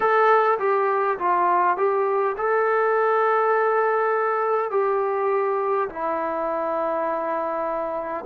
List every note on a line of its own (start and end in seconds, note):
0.00 0.58 A4
0.59 1.18 G4
1.18 1.76 F4
1.76 2.35 G4
2.37 4.71 A4
4.71 5.88 G4
5.89 8.24 E4